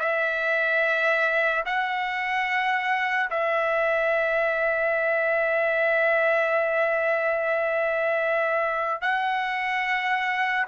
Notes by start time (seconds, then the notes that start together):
0.00 E5
1.66 F#5
3.31 E5
9.02 F#5